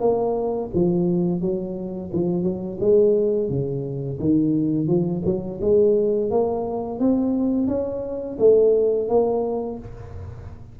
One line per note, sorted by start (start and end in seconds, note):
0.00 0.70 A#3
0.74 1.41 F3
1.41 2.11 F#3
2.13 2.43 F3
2.43 2.78 F#3
2.80 3.49 G#3
3.49 4.19 C#3
4.19 4.87 D#3
4.87 5.22 F3
5.25 5.59 F#3
5.61 6.30 G#3
6.30 6.99 A#3
6.99 7.67 C4
7.67 8.37 C#4
8.38 9.08 A3
9.09 9.78 A#3